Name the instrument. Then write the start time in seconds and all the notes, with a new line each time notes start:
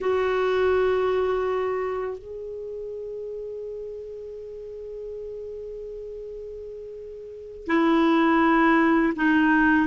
clarinet
0.00 F#4
2.18 G#4
7.66 E4
9.16 D#4